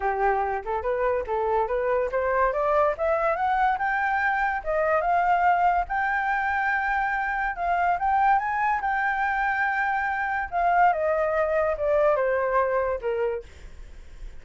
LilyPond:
\new Staff \with { instrumentName = "flute" } { \time 4/4 \tempo 4 = 143 g'4. a'8 b'4 a'4 | b'4 c''4 d''4 e''4 | fis''4 g''2 dis''4 | f''2 g''2~ |
g''2 f''4 g''4 | gis''4 g''2.~ | g''4 f''4 dis''2 | d''4 c''2 ais'4 | }